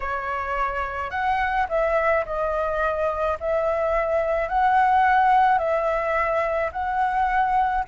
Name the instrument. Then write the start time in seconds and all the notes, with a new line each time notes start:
flute
0.00 C#5
1.10 F#5
1.68 E5
2.25 D#5
3.40 E5
4.48 F#5
5.58 E5
6.72 F#5